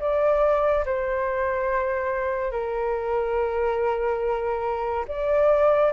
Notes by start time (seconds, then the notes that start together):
0.00 D5
0.85 C5
2.51 A#4
5.07 D5